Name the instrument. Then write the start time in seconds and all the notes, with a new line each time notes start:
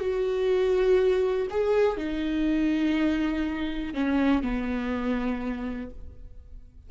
viola
0.00 F#4
1.50 G#4
1.97 D#4
3.94 C#4
4.43 B3